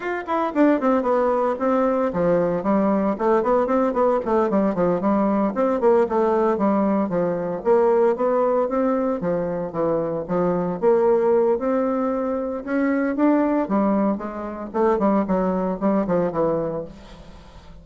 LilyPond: \new Staff \with { instrumentName = "bassoon" } { \time 4/4 \tempo 4 = 114 f'8 e'8 d'8 c'8 b4 c'4 | f4 g4 a8 b8 c'8 b8 | a8 g8 f8 g4 c'8 ais8 a8~ | a8 g4 f4 ais4 b8~ |
b8 c'4 f4 e4 f8~ | f8 ais4. c'2 | cis'4 d'4 g4 gis4 | a8 g8 fis4 g8 f8 e4 | }